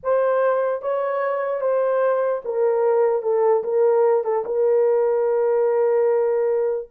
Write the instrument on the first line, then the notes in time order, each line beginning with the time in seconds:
horn
0.03 C5
0.82 C#5
1.61 C5
2.44 A#4
3.22 A4
3.63 A#4
4.24 A4
4.45 A#4